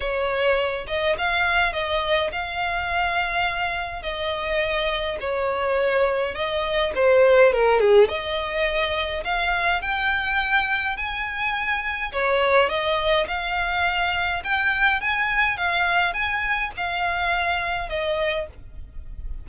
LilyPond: \new Staff \with { instrumentName = "violin" } { \time 4/4 \tempo 4 = 104 cis''4. dis''8 f''4 dis''4 | f''2. dis''4~ | dis''4 cis''2 dis''4 | c''4 ais'8 gis'8 dis''2 |
f''4 g''2 gis''4~ | gis''4 cis''4 dis''4 f''4~ | f''4 g''4 gis''4 f''4 | gis''4 f''2 dis''4 | }